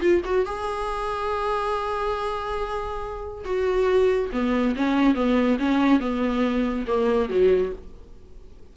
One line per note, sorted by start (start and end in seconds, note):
0.00 0.21 F4
0.25 0.45 F#4
0.45 3.44 G#4
3.44 4.30 F#4
4.32 4.75 B3
4.76 5.15 C#4
5.15 5.58 B3
5.59 6.00 C#4
6.00 6.86 B3
6.87 7.29 A#3
7.29 7.72 F#3